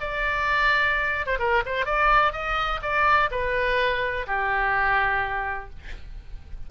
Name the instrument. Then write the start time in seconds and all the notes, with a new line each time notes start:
oboe
0.00 D5
1.26 C5
1.39 A#4
1.66 C5
1.85 D5
2.32 D#5
2.82 D5
3.31 B4
4.27 G4